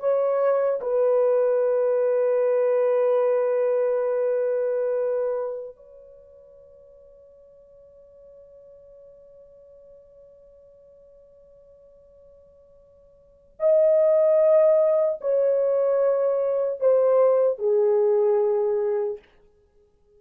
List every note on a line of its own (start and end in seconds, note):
0.00 0.80 C#5
0.81 5.76 B4
5.76 13.56 C#5
13.60 15.20 D#5
15.21 16.80 C#5
16.80 17.59 C5
17.59 19.19 G#4